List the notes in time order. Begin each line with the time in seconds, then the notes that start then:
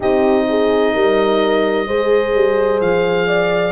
0.00 C4 D#4 G4 D#5
0.48 G#4
0.93 G3 A#4
1.87 G#3 G#4 C5
2.35 G3
2.80 F3 F5
3.27 D5